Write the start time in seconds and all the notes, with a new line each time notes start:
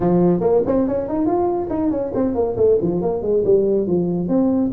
0.00 F3
0.40 A#3
0.66 C4
0.87 C#4
1.08 D#4
1.26 F4
1.69 D#4
1.90 C#4
2.14 C4
2.34 A#3
2.56 A3
2.81 F3
3.01 A#3
3.22 G#3
3.44 G3
3.86 F3
4.28 C4